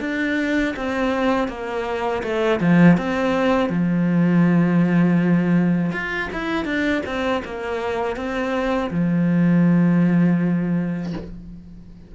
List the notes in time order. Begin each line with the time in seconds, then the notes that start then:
0.00 D4
0.76 C4
1.48 A#3
2.23 A3
2.60 F3
2.97 C4
3.69 F3
5.92 F4
6.32 E4
6.65 D4
7.05 C4
7.44 A#3
8.16 C4
8.91 F3